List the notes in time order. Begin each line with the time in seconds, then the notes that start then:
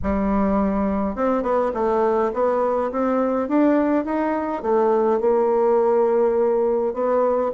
0.03 G3
1.15 C4
1.42 B3
1.74 A3
2.33 B3
2.91 C4
3.48 D4
4.04 D#4
4.62 A3
5.20 A#3
6.93 B3